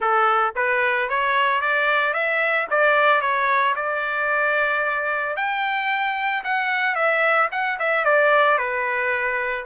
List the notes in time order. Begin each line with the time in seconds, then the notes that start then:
0.00 A4
0.55 B4
1.09 C#5
1.61 D5
2.13 E5
2.70 D5
3.21 C#5
3.75 D5
5.36 G5
6.44 F#5
6.95 E5
7.51 F#5
7.79 E5
8.04 D5
8.58 B4